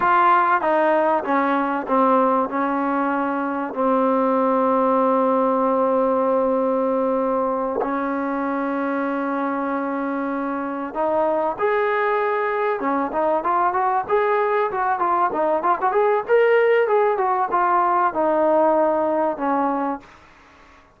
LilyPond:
\new Staff \with { instrumentName = "trombone" } { \time 4/4 \tempo 4 = 96 f'4 dis'4 cis'4 c'4 | cis'2 c'2~ | c'1~ | c'8 cis'2.~ cis'8~ |
cis'4. dis'4 gis'4.~ | gis'8 cis'8 dis'8 f'8 fis'8 gis'4 fis'8 | f'8 dis'8 f'16 fis'16 gis'8 ais'4 gis'8 fis'8 | f'4 dis'2 cis'4 | }